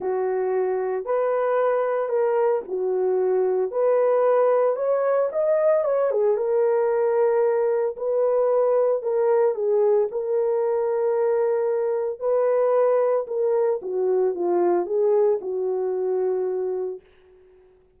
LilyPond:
\new Staff \with { instrumentName = "horn" } { \time 4/4 \tempo 4 = 113 fis'2 b'2 | ais'4 fis'2 b'4~ | b'4 cis''4 dis''4 cis''8 gis'8 | ais'2. b'4~ |
b'4 ais'4 gis'4 ais'4~ | ais'2. b'4~ | b'4 ais'4 fis'4 f'4 | gis'4 fis'2. | }